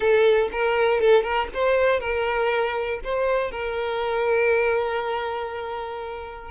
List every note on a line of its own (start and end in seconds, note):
0.00 0.49 A4
0.51 1.00 A#4
1.00 1.22 A4
1.22 1.47 A#4
1.54 2.00 C5
2.00 3.00 A#4
3.04 3.51 C5
3.51 6.50 A#4